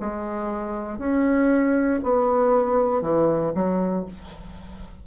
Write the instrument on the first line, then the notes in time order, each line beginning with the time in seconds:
bassoon
0.00 G#3
0.98 C#4
2.03 B3
3.01 E3
3.54 F#3